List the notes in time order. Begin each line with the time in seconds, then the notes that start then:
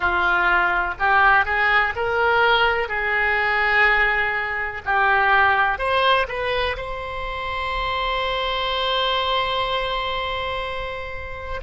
0.00 F4
0.99 G4
1.45 G#4
1.95 A#4
2.88 G#4
4.85 G4
5.78 C5
6.28 B4
6.77 C5